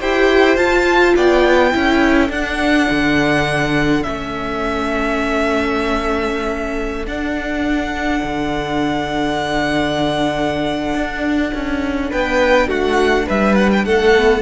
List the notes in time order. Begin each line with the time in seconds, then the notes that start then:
0.00 E4 G4 C5 G5
0.56 F4 A5
1.16 B3 D5 G5
1.72 C#4 E4 A4
2.29 D4 F#5
2.90 D3
4.03 A3 C#4 E5
7.06 D4 F#5
8.23 D3
10.94 D4
11.54 C#4
12.11 B3 B4 G5
12.68 A3 F#4 F#5
13.26 G3 B4 E5
13.55 F#5
13.73 G5
13.85 A3 A4 F#5
14.16 B3